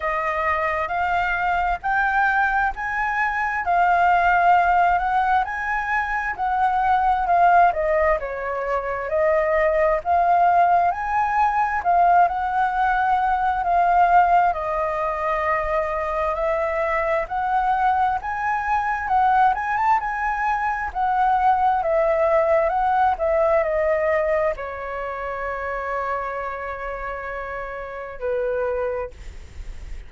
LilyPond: \new Staff \with { instrumentName = "flute" } { \time 4/4 \tempo 4 = 66 dis''4 f''4 g''4 gis''4 | f''4. fis''8 gis''4 fis''4 | f''8 dis''8 cis''4 dis''4 f''4 | gis''4 f''8 fis''4. f''4 |
dis''2 e''4 fis''4 | gis''4 fis''8 gis''16 a''16 gis''4 fis''4 | e''4 fis''8 e''8 dis''4 cis''4~ | cis''2. b'4 | }